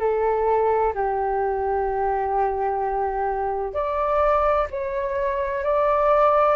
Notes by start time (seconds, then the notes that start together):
0.00 A4
0.94 G4
3.74 D5
4.71 C#5
5.64 D5